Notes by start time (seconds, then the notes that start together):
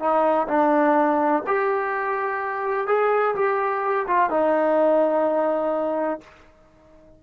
0.00 D#4
0.48 D4
1.47 G4
2.87 G#4
3.35 G4
4.07 F4
4.30 D#4